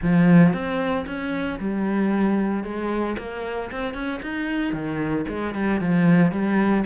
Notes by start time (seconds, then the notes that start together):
0.02 F3
0.53 C4
1.06 C#4
1.59 G3
2.63 G#3
3.18 A#3
3.71 C4
3.94 C#4
4.22 D#4
4.72 D#3
5.28 G#3
5.54 G3
5.80 F3
6.31 G3